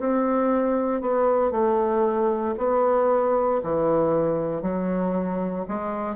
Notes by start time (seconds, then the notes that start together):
0.00 C4
1.01 B3
1.51 A3
2.58 B3
3.63 E3
4.62 F#3
5.68 G#3